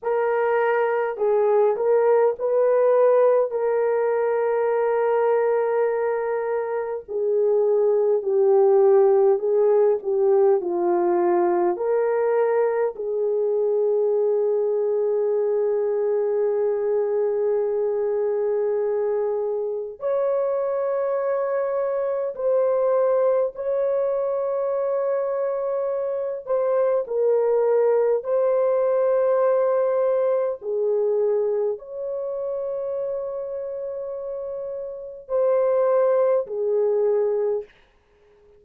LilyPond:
\new Staff \with { instrumentName = "horn" } { \time 4/4 \tempo 4 = 51 ais'4 gis'8 ais'8 b'4 ais'4~ | ais'2 gis'4 g'4 | gis'8 g'8 f'4 ais'4 gis'4~ | gis'1~ |
gis'4 cis''2 c''4 | cis''2~ cis''8 c''8 ais'4 | c''2 gis'4 cis''4~ | cis''2 c''4 gis'4 | }